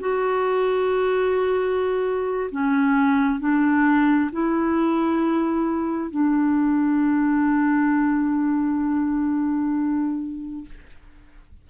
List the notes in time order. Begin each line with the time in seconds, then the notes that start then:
0.00 F#4
2.51 C#4
3.40 D4
4.32 E4
6.10 D4